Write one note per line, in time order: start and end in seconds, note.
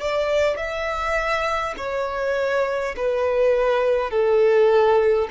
0.00 0.57 D5
0.57 1.74 E5
1.77 2.95 C#5
2.96 4.10 B4
4.10 5.28 A4